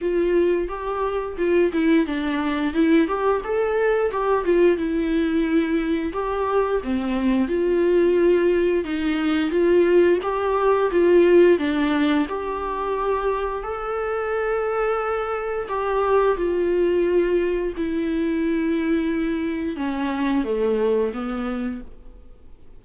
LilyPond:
\new Staff \with { instrumentName = "viola" } { \time 4/4 \tempo 4 = 88 f'4 g'4 f'8 e'8 d'4 | e'8 g'8 a'4 g'8 f'8 e'4~ | e'4 g'4 c'4 f'4~ | f'4 dis'4 f'4 g'4 |
f'4 d'4 g'2 | a'2. g'4 | f'2 e'2~ | e'4 cis'4 a4 b4 | }